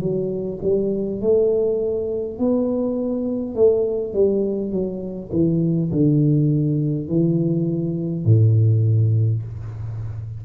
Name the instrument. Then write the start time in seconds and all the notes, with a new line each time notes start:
tuba
0.00 F#3
0.63 G3
1.21 A3
2.38 B3
3.55 A3
4.13 G3
4.71 F#3
5.32 E3
5.91 D3
7.08 E3
8.25 A2